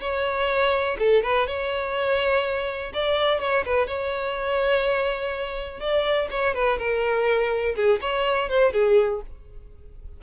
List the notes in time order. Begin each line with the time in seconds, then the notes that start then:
0.00 C#5
0.98 A4
1.23 B4
1.47 C#5
2.93 D5
3.40 C#5
3.65 B4
3.87 C#5
5.80 D5
6.30 C#5
6.54 B4
6.78 A#4
7.75 G#4
8.01 C#5
8.49 C5
8.73 G#4